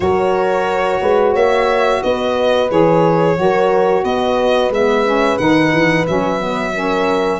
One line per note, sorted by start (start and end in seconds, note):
0.00 1.00 F#3
0.00 2.68 F#4
0.00 1.01 A#4
0.00 1.33 C#5
1.01 1.34 G#3
1.01 1.32 B4
1.32 2.02 A#3
1.32 2.00 C#5
1.32 2.03 E5
2.03 2.71 B3
2.03 3.37 B4
2.03 2.70 D#5
2.70 3.38 E3
2.70 3.36 G#4
2.70 4.04 C#5
3.36 4.04 F#3
3.36 4.71 F#4
3.36 4.03 A#4
4.03 4.70 B3
4.03 6.73 B4
4.03 4.71 D#5
4.70 5.37 G#3
4.70 5.06 B3
4.70 5.38 E5
5.06 5.38 C#4
5.38 5.72 D#3
5.38 6.06 D#4
5.38 6.05 F#5
5.72 6.06 E3
6.06 7.40 F#3
6.06 6.39 C#4
6.06 7.40 E5
6.39 6.73 B3
6.73 7.40 C#4
6.73 7.40 A#4